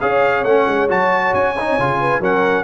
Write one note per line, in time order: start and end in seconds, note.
0.00 0.44 C#4
0.00 0.45 G#4
0.00 1.99 C#5
0.00 0.44 F5
0.44 0.66 A3
0.44 0.89 C#4
0.44 0.88 F#5
0.67 0.89 G#3
0.89 1.33 F#3
0.89 1.55 F#4
0.89 1.34 A5
1.34 1.78 C#4
1.34 2.22 G#5
1.60 1.80 D#4
1.79 2.20 C#3
1.79 2.21 F4
2.00 2.21 B4
2.20 2.64 F#3
2.20 2.64 C#4
2.20 2.64 A#4
2.20 2.64 F#5